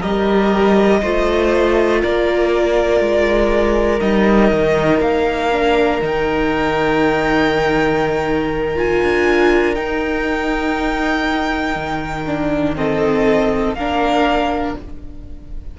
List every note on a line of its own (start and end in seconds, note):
0.00 1.01 G3
0.00 1.01 G4
0.00 1.00 A#4
0.00 2.01 D#5
1.01 2.02 A3
1.01 3.99 F4
1.01 2.01 C5
2.01 3.00 A#3
2.01 12.76 A#4
2.01 4.00 D5
3.00 4.00 G#3
3.99 4.51 G3
3.99 5.49 D#4
3.99 5.00 D#5
4.51 5.00 D#3
5.00 6.00 A#3
5.00 6.00 F5
5.51 6.01 D4
6.01 9.01 D#3
6.01 8.75 D#4
6.01 8.77 G5
8.75 9.75 F4
8.75 9.74 G#5
9.02 9.76 D4
9.74 12.25 D#4
9.74 11.76 D#4
9.74 12.74 G5
11.76 13.74 D#3
12.26 12.75 D4
12.75 13.75 C4
12.75 13.76 A4
12.75 13.74 D#5
13.74 14.74 A#3
13.74 14.79 D4
13.74 14.77 A#4
13.74 14.74 F5